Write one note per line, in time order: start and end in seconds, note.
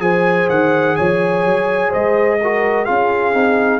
0.00 0.48 F3
0.00 2.38 G#4
0.00 0.97 C5
0.00 0.49 G#5
0.49 0.97 D#3
0.49 0.96 F#5
0.96 1.45 F3
0.96 1.89 C#5
0.96 1.91 G#5
1.45 1.93 F#3
1.89 2.89 G#3
1.89 2.37 C5
1.89 2.85 D#5
2.41 2.86 F#4
2.41 2.86 A#4
2.85 3.34 C#4
2.85 3.33 F4
2.85 3.80 G#4
2.85 3.80 F5
3.33 3.80 C4
3.33 3.80 D#4